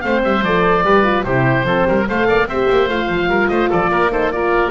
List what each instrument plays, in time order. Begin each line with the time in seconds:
0.00 double bass A3, horn C4, oboe C5 F5
0.23 double bass G3, oboe E5
0.42 double bass F3, horn A4, oboe D5
0.83 double bass G3, horn G4, oboe B4
1.03 horn F4
1.24 double bass C3, horn E4, oboe G4 C5
1.63 double bass F3, horn C4, oboe A4
1.88 double bass G3, oboe A#4
2.07 double bass A3, horn A4, oboe C5 F5
2.27 double bass A#3, oboe D5
2.46 double bass C4, horn G4, oboe C5 E5
2.69 double bass A#3
2.88 double bass A3, horn F4, oboe F5
3.08 double bass F3
3.27 double bass G3, oboe A#4
3.48 double bass A3, oboe C5 D#5
3.69 double bass F3, oboe A4 D5
3.89 double bass A#3, oboe A#4
4.11 horn D#4, oboe A4 C5
4.31 horn F4, oboe A#4 D5